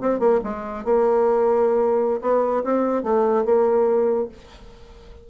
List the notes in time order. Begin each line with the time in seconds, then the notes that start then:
0.00 C4
0.19 A#3
0.43 G#3
0.84 A#3
2.21 B3
2.63 C4
3.02 A3
3.44 A#3